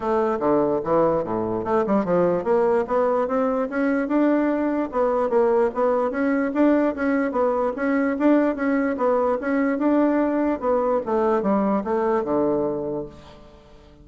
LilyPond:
\new Staff \with { instrumentName = "bassoon" } { \time 4/4 \tempo 4 = 147 a4 d4 e4 a,4 | a8 g8 f4 ais4 b4 | c'4 cis'4 d'2 | b4 ais4 b4 cis'4 |
d'4 cis'4 b4 cis'4 | d'4 cis'4 b4 cis'4 | d'2 b4 a4 | g4 a4 d2 | }